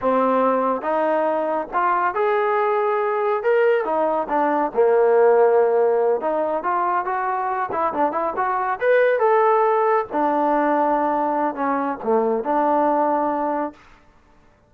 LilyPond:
\new Staff \with { instrumentName = "trombone" } { \time 4/4 \tempo 4 = 140 c'2 dis'2 | f'4 gis'2. | ais'4 dis'4 d'4 ais4~ | ais2~ ais8 dis'4 f'8~ |
f'8 fis'4. e'8 d'8 e'8 fis'8~ | fis'8 b'4 a'2 d'8~ | d'2. cis'4 | a4 d'2. | }